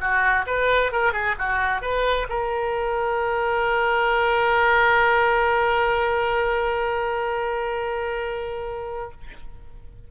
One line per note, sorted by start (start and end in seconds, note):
0.00 0.45 F#4
0.46 0.92 B4
0.92 1.12 A#4
1.12 1.35 G#4
1.38 1.81 F#4
1.81 2.27 B4
2.29 9.11 A#4